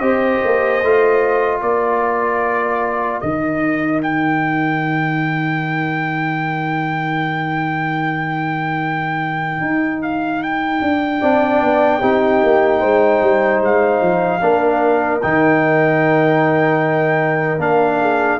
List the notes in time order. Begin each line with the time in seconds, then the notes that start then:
0.00 C4 G4 C5 D#5
0.45 A#3
0.83 A3 F4
1.62 A#3 A#4 D5
3.21 D#3 D#4 D#5
4.03 G5
9.61 D#4
10.03 F5
10.43 G5
10.82 D4
11.21 C4 D4 D5
11.61 B3
12.00 C4 D#4 G4
12.44 A#3
12.80 G#3 C5
13.22 G3
13.62 G#3 F5
14.01 F3
14.41 A#3 D4 A#4
15.22 D#3 D#4 G5
17.59 A#3 D4 F5
18.01 G#4